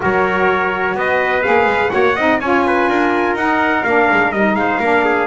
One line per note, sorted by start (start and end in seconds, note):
0.00 0.94 F#3
0.00 1.42 F#4
0.00 0.98 A#4
0.00 0.97 C#5
0.94 1.42 B3
0.94 1.92 B4
0.94 1.42 D#5
1.42 1.66 A#3
1.42 1.90 G#4
1.42 1.90 F5
1.66 1.90 G#3
1.90 2.17 A#3
1.90 2.14 F#4
1.90 2.15 C#5
1.90 2.38 F#5
2.15 2.40 C4
2.15 2.42 D#4
2.15 2.39 D#5
2.40 2.88 C#4
2.40 3.37 F4
2.40 2.64 C#5
2.40 3.35 G#5
2.66 2.89 B4
2.88 3.34 D4
2.88 4.57 A#4
3.34 3.82 D#4
3.34 3.85 D#4
3.34 3.84 F#5
3.84 4.09 A#3
3.84 4.34 D4
3.84 4.32 F5
4.11 4.32 G#3
4.32 4.54 G3
4.32 4.82 D#4
4.32 4.55 D#5
4.54 4.79 G#3
4.54 4.79 C5
4.54 5.27 F5
4.79 5.27 A#3
4.79 5.27 D4
4.79 5.03 A#4
5.04 5.27 G#4